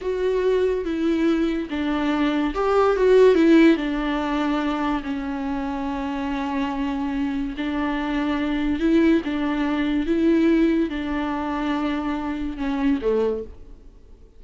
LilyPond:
\new Staff \with { instrumentName = "viola" } { \time 4/4 \tempo 4 = 143 fis'2 e'2 | d'2 g'4 fis'4 | e'4 d'2. | cis'1~ |
cis'2 d'2~ | d'4 e'4 d'2 | e'2 d'2~ | d'2 cis'4 a4 | }